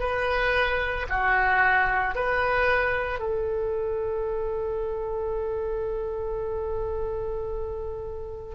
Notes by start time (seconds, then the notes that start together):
0.00 B4
1.10 F#4
2.15 B4
3.20 A4